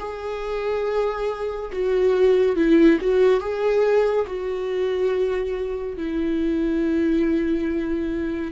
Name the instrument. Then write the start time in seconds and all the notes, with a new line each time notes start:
viola
0.00 G#4
1.73 F#4
2.56 E4
3.01 F#4
3.41 G#4
4.27 F#4
5.98 E4